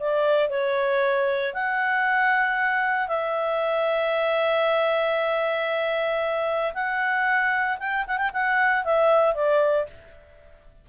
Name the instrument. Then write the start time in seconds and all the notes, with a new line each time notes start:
clarinet
0.00 D5
0.50 C#5
1.54 F#5
3.09 E5
6.74 F#5
7.80 G5
8.08 F#5
8.18 G5
8.34 F#5
8.85 E5
9.35 D5